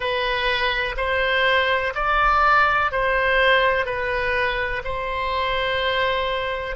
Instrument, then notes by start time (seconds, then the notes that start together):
oboe
0.00 B4
0.96 C5
1.94 D5
2.91 C5
3.85 B4
4.84 C5